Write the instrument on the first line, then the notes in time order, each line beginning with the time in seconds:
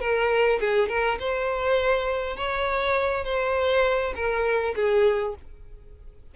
violin
0.00 A#4
0.60 G#4
0.89 A#4
1.20 C5
2.37 C#5
3.25 C5
4.16 A#4
4.76 G#4